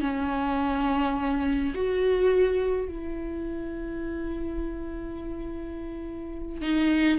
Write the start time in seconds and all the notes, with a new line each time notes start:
0.00 C#4
1.74 F#4
2.88 E4
6.61 D#4